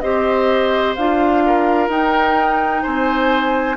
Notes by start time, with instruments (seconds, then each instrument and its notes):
0.00 bassoon C4, clarinet G4, oboe C5, flute D#5
0.95 bassoon D4, clarinet F4, flute F5
1.46 oboe A#4
1.88 bassoon D#4, clarinet D#4, flute G5
2.82 bassoon C4, oboe C5, flute G#5